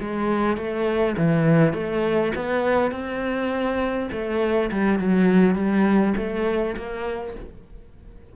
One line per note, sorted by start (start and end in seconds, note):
0.00 0.57 G#3
0.57 1.16 A3
1.17 1.73 E3
1.73 2.32 A3
2.35 2.91 B3
2.91 4.09 C4
4.11 4.70 A3
4.71 4.98 G3
4.98 5.55 F#3
5.55 6.14 G3
6.17 6.75 A3
6.76 7.35 A#3